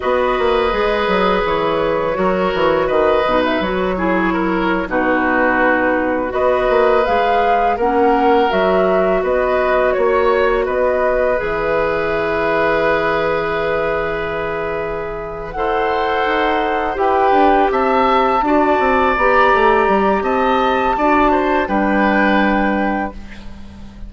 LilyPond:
<<
  \new Staff \with { instrumentName = "flute" } { \time 4/4 \tempo 4 = 83 dis''2 cis''2 | dis''8. e''16 cis''4.~ cis''16 b'4~ b'16~ | b'8. dis''4 f''4 fis''4 e''16~ | e''8. dis''4 cis''4 dis''4 e''16~ |
e''1~ | e''4. fis''2 g''8~ | g''8 a''2 ais''4. | a''2 g''2 | }
  \new Staff \with { instrumentName = "oboe" } { \time 4/4 b'2. ais'4 | b'4. gis'8 ais'8. fis'4~ fis'16~ | fis'8. b'2 ais'4~ ais'16~ | ais'8. b'4 cis''4 b'4~ b'16~ |
b'1~ | b'4. c''2 b'8~ | b'8 e''4 d''2~ d''8 | dis''4 d''8 c''8 b'2 | }
  \new Staff \with { instrumentName = "clarinet" } { \time 4/4 fis'4 gis'2 fis'4~ | fis'8 dis'8 fis'8 e'4~ e'16 dis'4~ dis'16~ | dis'8. fis'4 gis'4 cis'4 fis'16~ | fis'2.~ fis'8. gis'16~ |
gis'1~ | gis'4. a'2 g'8~ | g'4. fis'4 g'4.~ | g'4 fis'4 d'2 | }
  \new Staff \with { instrumentName = "bassoon" } { \time 4/4 b8 ais8 gis8 fis8 e4 fis8 e8 | dis8 b,8 fis4.~ fis16 b,4~ b,16~ | b,8. b8 ais8 gis4 ais4 fis16~ | fis8. b4 ais4 b4 e16~ |
e1~ | e4. e'4 dis'4 e'8 | d'8 c'4 d'8 c'8 b8 a8 g8 | c'4 d'4 g2 | }
>>